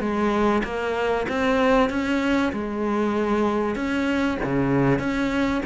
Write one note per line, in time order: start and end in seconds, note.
0.00 0.62 G#3
0.64 1.26 A#3
1.28 1.89 C4
1.89 2.52 C#4
2.52 3.75 G#3
3.75 4.38 C#4
4.43 4.99 C#3
4.99 5.61 C#4